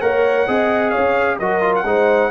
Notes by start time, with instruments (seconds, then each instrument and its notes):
0.00 tuba A#3, trombone A#4, horn C#5, trumpet F#5
0.47 tuba C4, trombone G#4, horn D#5
0.90 horn C#5, trumpet F5
0.97 tuba C#4
1.39 tuba F#3, trombone F#4, horn A#4, trumpet D#5
1.61 trombone F4
1.75 trumpet F#5
1.84 tuba G#3, trombone D#4, horn C5